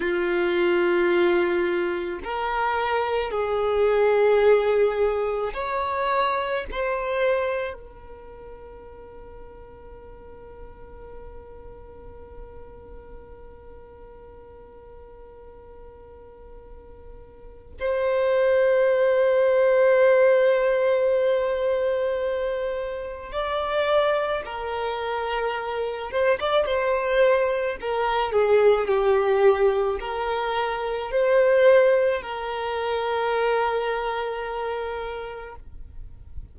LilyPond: \new Staff \with { instrumentName = "violin" } { \time 4/4 \tempo 4 = 54 f'2 ais'4 gis'4~ | gis'4 cis''4 c''4 ais'4~ | ais'1~ | ais'1 |
c''1~ | c''4 d''4 ais'4. c''16 d''16 | c''4 ais'8 gis'8 g'4 ais'4 | c''4 ais'2. | }